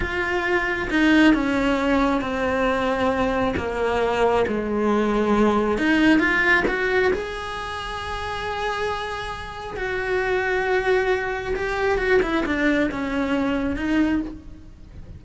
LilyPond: \new Staff \with { instrumentName = "cello" } { \time 4/4 \tempo 4 = 135 f'2 dis'4 cis'4~ | cis'4 c'2. | ais2 gis2~ | gis4 dis'4 f'4 fis'4 |
gis'1~ | gis'2 fis'2~ | fis'2 g'4 fis'8 e'8 | d'4 cis'2 dis'4 | }